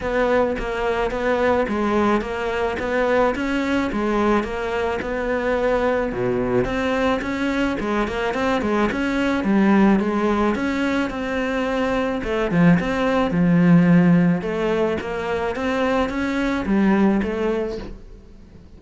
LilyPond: \new Staff \with { instrumentName = "cello" } { \time 4/4 \tempo 4 = 108 b4 ais4 b4 gis4 | ais4 b4 cis'4 gis4 | ais4 b2 b,4 | c'4 cis'4 gis8 ais8 c'8 gis8 |
cis'4 g4 gis4 cis'4 | c'2 a8 f8 c'4 | f2 a4 ais4 | c'4 cis'4 g4 a4 | }